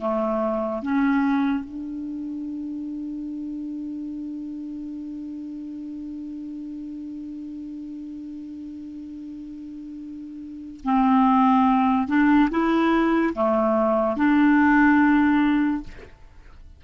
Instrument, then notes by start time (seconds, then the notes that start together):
clarinet
0.00 A3
0.83 C#4
1.64 D4
10.84 C4
12.08 D4
12.51 E4
13.35 A3
14.17 D4